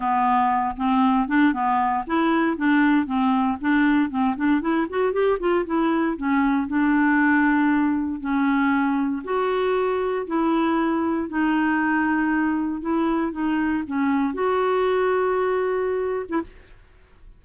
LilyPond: \new Staff \with { instrumentName = "clarinet" } { \time 4/4 \tempo 4 = 117 b4. c'4 d'8 b4 | e'4 d'4 c'4 d'4 | c'8 d'8 e'8 fis'8 g'8 f'8 e'4 | cis'4 d'2. |
cis'2 fis'2 | e'2 dis'2~ | dis'4 e'4 dis'4 cis'4 | fis'2.~ fis'8. e'16 | }